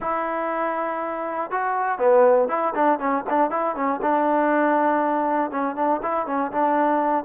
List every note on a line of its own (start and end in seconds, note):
0.00 1.50 E4
1.50 1.98 F#4
1.98 2.48 B3
2.48 2.73 E4
2.75 2.99 D4
2.99 3.24 C#4
3.29 3.50 D4
3.50 3.75 E4
3.75 4.00 C#4
4.01 5.50 D4
5.50 5.75 C#4
5.75 6.00 D4
6.02 6.26 E4
6.26 6.51 C#4
6.51 7.24 D4